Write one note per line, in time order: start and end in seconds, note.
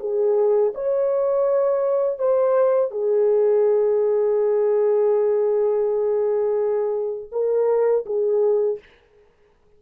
0.00 0.73 G#4
0.75 2.19 C#5
2.19 2.91 C5
2.91 7.30 G#4
7.32 8.05 A#4
8.06 8.79 G#4